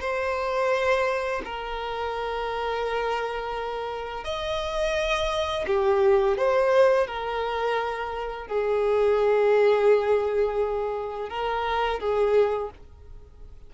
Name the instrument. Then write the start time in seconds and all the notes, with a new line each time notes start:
violin
0.00 C5
1.44 A#4
4.24 D#5
5.67 G4
6.37 C5
7.07 A#4
8.47 G#4
11.29 A#4
11.99 G#4